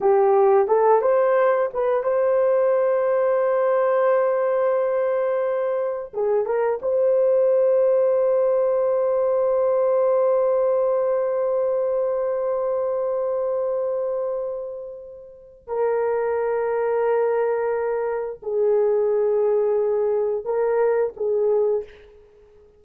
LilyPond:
\new Staff \with { instrumentName = "horn" } { \time 4/4 \tempo 4 = 88 g'4 a'8 c''4 b'8 c''4~ | c''1~ | c''4 gis'8 ais'8 c''2~ | c''1~ |
c''1~ | c''2. ais'4~ | ais'2. gis'4~ | gis'2 ais'4 gis'4 | }